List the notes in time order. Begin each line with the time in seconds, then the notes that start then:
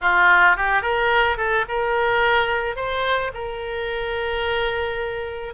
0.01 F4
0.56 G4
0.82 A#4
1.37 A4
1.68 A#4
2.76 C5
3.34 A#4